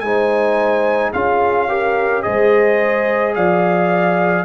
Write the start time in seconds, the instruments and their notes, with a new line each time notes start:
0.00 tuba G#3, trombone D#4, horn C5, trumpet G#5
1.12 tuba C#4, trombone F4, horn G#4, trumpet F5
1.69 trombone G4, horn A#4
2.23 tuba G#3, trombone G#4, horn C5, trumpet D#5
3.35 tuba F3, horn D5, trumpet F5